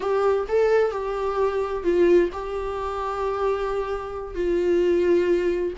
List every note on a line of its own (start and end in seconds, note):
0.00 0.46 G4
0.48 0.91 A4
0.91 1.83 G4
1.83 2.29 F4
2.32 4.34 G4
4.34 5.73 F4